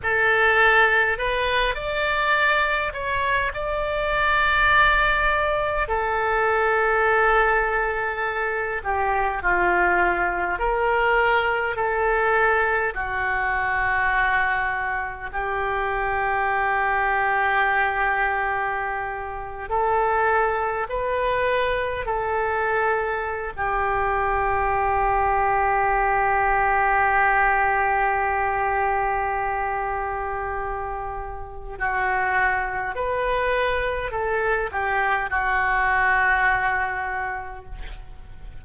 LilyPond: \new Staff \with { instrumentName = "oboe" } { \time 4/4 \tempo 4 = 51 a'4 b'8 d''4 cis''8 d''4~ | d''4 a'2~ a'8 g'8 | f'4 ais'4 a'4 fis'4~ | fis'4 g'2.~ |
g'8. a'4 b'4 a'4~ a'16 | g'1~ | g'2. fis'4 | b'4 a'8 g'8 fis'2 | }